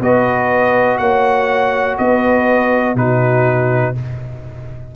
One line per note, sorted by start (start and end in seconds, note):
0.00 0.99 B3
0.00 2.97 F#4
0.00 0.98 B4
0.00 0.98 D#5
0.98 1.98 A#3
0.98 1.99 C#5
0.98 1.96 F#5
1.98 2.95 B3
1.98 2.97 B4
1.98 2.96 D#5
2.95 3.94 B2
2.95 3.95 D#4
2.95 3.95 F#4
2.95 3.96 B4